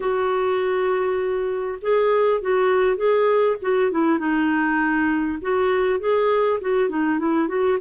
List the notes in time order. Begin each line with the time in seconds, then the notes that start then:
0.00 F#4
1.81 G#4
2.41 F#4
2.96 G#4
3.61 F#4
3.91 E4
4.18 D#4
5.41 F#4
5.99 G#4
6.60 F#4
6.89 D#4
7.18 E4
7.48 F#4